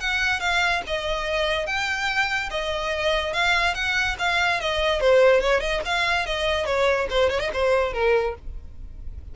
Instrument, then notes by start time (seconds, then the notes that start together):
violin
0.00 F#5
0.40 F5
0.87 D#5
1.66 G5
2.51 D#5
3.33 F5
3.74 F#5
4.19 F5
4.60 D#5
5.01 C5
5.41 C#5
5.61 D#5
5.85 F5
6.26 D#5
6.66 C#5
7.10 C5
7.30 C#5
7.40 D#5
7.53 C5
7.93 A#4